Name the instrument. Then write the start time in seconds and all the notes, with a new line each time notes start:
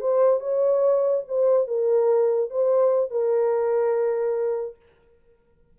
horn
0.00 C5
0.40 C#5
1.28 C5
1.67 A#4
2.50 C5
3.10 A#4